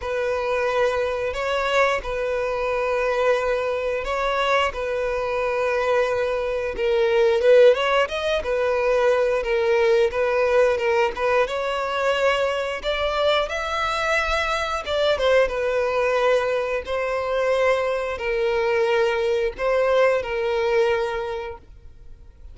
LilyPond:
\new Staff \with { instrumentName = "violin" } { \time 4/4 \tempo 4 = 89 b'2 cis''4 b'4~ | b'2 cis''4 b'4~ | b'2 ais'4 b'8 cis''8 | dis''8 b'4. ais'4 b'4 |
ais'8 b'8 cis''2 d''4 | e''2 d''8 c''8 b'4~ | b'4 c''2 ais'4~ | ais'4 c''4 ais'2 | }